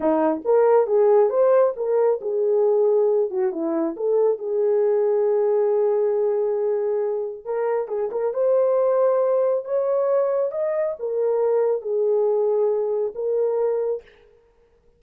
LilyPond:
\new Staff \with { instrumentName = "horn" } { \time 4/4 \tempo 4 = 137 dis'4 ais'4 gis'4 c''4 | ais'4 gis'2~ gis'8 fis'8 | e'4 a'4 gis'2~ | gis'1~ |
gis'4 ais'4 gis'8 ais'8 c''4~ | c''2 cis''2 | dis''4 ais'2 gis'4~ | gis'2 ais'2 | }